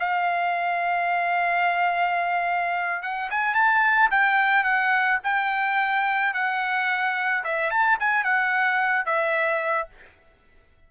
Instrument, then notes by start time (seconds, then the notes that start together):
trumpet
0.00 F5
3.03 F#5
3.31 G#5
3.55 A5
4.11 G5
4.64 F#5
5.24 G5
6.34 F#5
7.45 E5
7.71 A5
8.00 G#5
8.24 F#5
9.06 E5